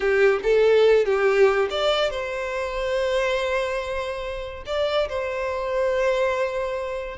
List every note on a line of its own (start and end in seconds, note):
0.00 0.39 G4
0.43 1.05 A4
1.05 1.68 G4
1.70 2.10 D5
2.10 4.63 C5
4.66 5.08 D5
5.08 7.17 C5